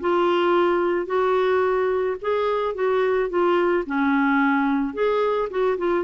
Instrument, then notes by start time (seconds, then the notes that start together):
clarinet
0.00 F4
1.06 F#4
2.21 G#4
2.74 F#4
3.29 F4
3.86 C#4
4.94 G#4
5.50 F#4
5.77 F4